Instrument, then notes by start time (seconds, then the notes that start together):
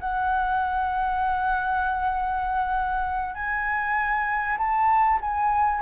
flute
0.00 F#5
3.35 G#5
4.58 A5
5.21 G#5